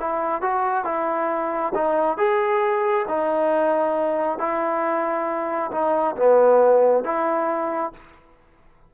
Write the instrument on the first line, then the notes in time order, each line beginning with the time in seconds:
trombone
0.00 E4
0.42 F#4
0.85 E4
1.75 D#4
2.18 G#4
3.08 D#4
4.39 E4
5.72 D#4
6.16 B3
7.04 E4